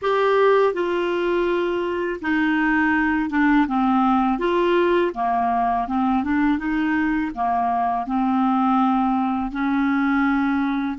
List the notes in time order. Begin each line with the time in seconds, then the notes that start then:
0.02 G4
0.73 F4
2.21 D#4
3.30 D4
3.67 C4
4.38 F4
5.14 A#3
5.87 C4
6.23 D4
6.58 D#4
7.34 A#3
8.06 C4
9.51 C#4